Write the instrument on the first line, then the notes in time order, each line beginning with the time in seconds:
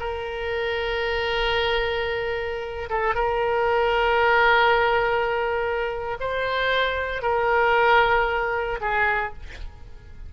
oboe
0.00 A#4
2.90 A4
3.15 A#4
6.20 C5
7.22 A#4
8.81 G#4